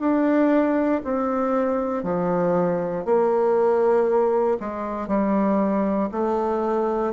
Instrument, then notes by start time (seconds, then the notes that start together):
bassoon
0.00 D4
1.04 C4
2.03 F3
3.05 A#3
4.60 G#3
5.08 G3
6.12 A3